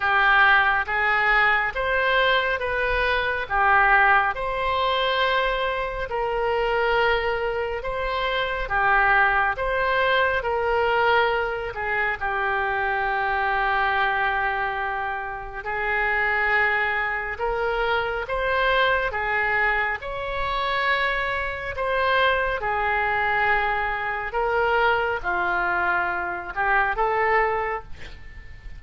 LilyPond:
\new Staff \with { instrumentName = "oboe" } { \time 4/4 \tempo 4 = 69 g'4 gis'4 c''4 b'4 | g'4 c''2 ais'4~ | ais'4 c''4 g'4 c''4 | ais'4. gis'8 g'2~ |
g'2 gis'2 | ais'4 c''4 gis'4 cis''4~ | cis''4 c''4 gis'2 | ais'4 f'4. g'8 a'4 | }